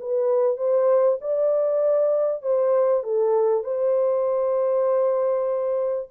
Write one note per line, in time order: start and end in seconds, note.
0.00 0.57 B4
0.57 1.19 C5
1.21 2.42 D5
2.42 3.04 C5
3.04 3.64 A4
3.64 6.09 C5